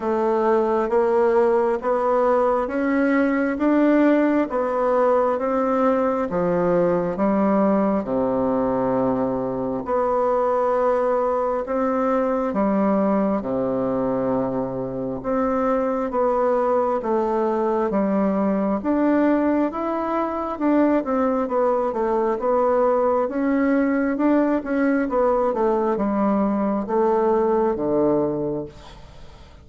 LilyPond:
\new Staff \with { instrumentName = "bassoon" } { \time 4/4 \tempo 4 = 67 a4 ais4 b4 cis'4 | d'4 b4 c'4 f4 | g4 c2 b4~ | b4 c'4 g4 c4~ |
c4 c'4 b4 a4 | g4 d'4 e'4 d'8 c'8 | b8 a8 b4 cis'4 d'8 cis'8 | b8 a8 g4 a4 d4 | }